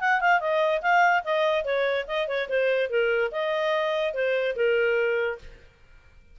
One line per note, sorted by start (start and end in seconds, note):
0.00 0.21 F#5
0.21 0.40 F5
0.40 0.81 D#5
0.82 1.23 F5
1.24 1.64 D#5
1.64 2.06 C#5
2.07 2.28 D#5
2.28 2.48 C#5
2.49 2.89 C5
2.89 3.31 A#4
3.31 4.14 D#5
4.14 4.55 C5
4.56 5.38 A#4